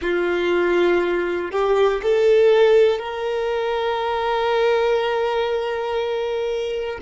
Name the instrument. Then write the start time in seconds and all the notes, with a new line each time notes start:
violin
0.01 F4
1.51 G4
2.02 A4
2.98 A#4